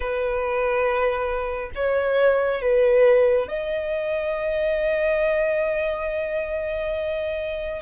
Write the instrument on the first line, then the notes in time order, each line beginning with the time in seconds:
violin
0.00 B4
1.75 C#5
2.61 B4
3.48 D#5